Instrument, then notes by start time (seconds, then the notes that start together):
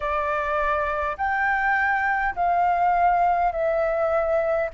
flute
0.00 D5
1.17 G5
2.35 F5
3.51 E5